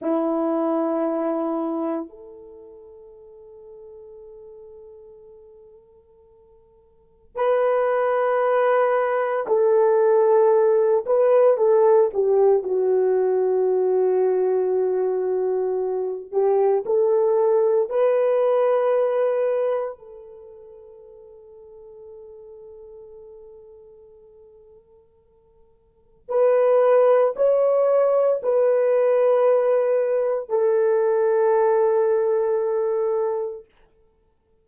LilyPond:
\new Staff \with { instrumentName = "horn" } { \time 4/4 \tempo 4 = 57 e'2 a'2~ | a'2. b'4~ | b'4 a'4. b'8 a'8 g'8 | fis'2.~ fis'8 g'8 |
a'4 b'2 a'4~ | a'1~ | a'4 b'4 cis''4 b'4~ | b'4 a'2. | }